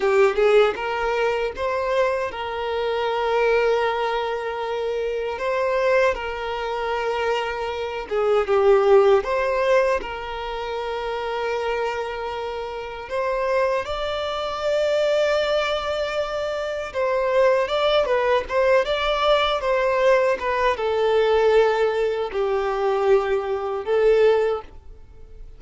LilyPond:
\new Staff \with { instrumentName = "violin" } { \time 4/4 \tempo 4 = 78 g'8 gis'8 ais'4 c''4 ais'4~ | ais'2. c''4 | ais'2~ ais'8 gis'8 g'4 | c''4 ais'2.~ |
ais'4 c''4 d''2~ | d''2 c''4 d''8 b'8 | c''8 d''4 c''4 b'8 a'4~ | a'4 g'2 a'4 | }